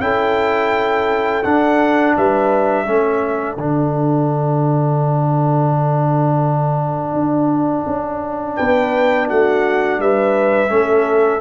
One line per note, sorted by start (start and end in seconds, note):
0.00 1.43 C#4
0.00 1.43 E4
0.00 2.17 A4
0.00 1.43 G5
1.43 2.86 D4
1.43 2.16 D4
1.43 2.15 F#5
2.17 2.87 G3
2.17 2.87 B4
2.17 3.57 E5
2.86 3.57 A3
2.86 3.57 C#4
2.86 8.57 A4
3.57 7.13 D3
3.57 10.69 D4
3.57 8.56 F#5
7.13 7.85 D4
7.86 8.58 C#4
8.56 9.30 B3
8.56 9.28 B4
8.56 9.28 G5
9.29 9.99 A3
9.29 10.00 F#4
9.29 10.01 F#5
9.99 10.70 G3
9.99 10.72 B4
9.99 11.41 E5
10.69 11.41 A3
10.69 11.40 C#4
10.69 11.41 A4